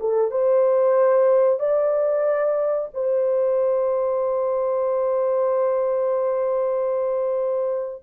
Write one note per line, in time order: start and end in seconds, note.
0.00 0.31 A4
0.31 1.59 C5
1.59 2.88 D5
2.94 8.03 C5